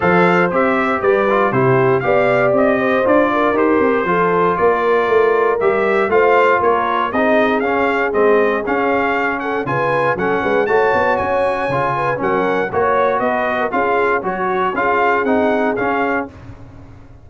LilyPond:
<<
  \new Staff \with { instrumentName = "trumpet" } { \time 4/4 \tempo 4 = 118 f''4 e''4 d''4 c''4 | f''4 dis''4 d''4 c''4~ | c''4 d''2 e''4 | f''4 cis''4 dis''4 f''4 |
dis''4 f''4. fis''8 gis''4 | fis''4 a''4 gis''2 | fis''4 cis''4 dis''4 f''4 | cis''4 f''4 fis''4 f''4 | }
  \new Staff \with { instrumentName = "horn" } { \time 4/4 c''2 b'4 g'4 | d''4. c''4 ais'4. | a'4 ais'2. | c''4 ais'4 gis'2~ |
gis'2~ gis'8 a'8 b'4 | a'8 b'8 cis''2~ cis''8 b'8 | ais'4 cis''4 b'8. ais'16 gis'4 | fis'4 gis'2. | }
  \new Staff \with { instrumentName = "trombone" } { \time 4/4 a'4 g'4. f'8 e'4 | g'2 f'4 g'4 | f'2. g'4 | f'2 dis'4 cis'4 |
c'4 cis'2 f'4 | cis'4 fis'2 f'4 | cis'4 fis'2 f'4 | fis'4 f'4 dis'4 cis'4 | }
  \new Staff \with { instrumentName = "tuba" } { \time 4/4 f4 c'4 g4 c4 | b4 c'4 d'4 dis'8 c'8 | f4 ais4 a4 g4 | a4 ais4 c'4 cis'4 |
gis4 cis'2 cis4 | fis8 gis8 a8 b8 cis'4 cis4 | fis4 ais4 b4 cis'4 | fis4 cis'4 c'4 cis'4 | }
>>